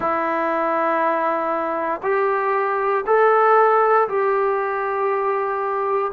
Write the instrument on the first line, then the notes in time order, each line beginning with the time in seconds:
trombone
0.00 E4
2.02 G4
3.06 A4
4.08 G4